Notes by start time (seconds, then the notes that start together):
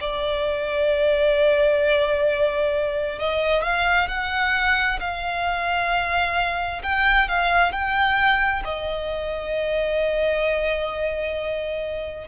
0.00 D5
3.19 D#5
3.62 F5
4.08 F#5
5.00 F5
6.83 G5
7.28 F5
7.71 G5
8.64 D#5